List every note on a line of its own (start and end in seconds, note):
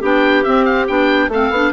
0.00 0.45 B3
0.00 0.45 D4
0.00 1.28 G4
0.00 0.44 G5
0.44 0.87 C4
0.44 0.89 C4
0.44 0.65 E5
0.65 0.86 F5
0.88 1.28 B3
0.88 1.31 D4
0.88 1.30 G5
1.28 1.50 A3
1.28 1.54 C4
1.28 1.71 A4
1.28 1.73 F5
1.51 1.72 B3
1.51 1.73 D4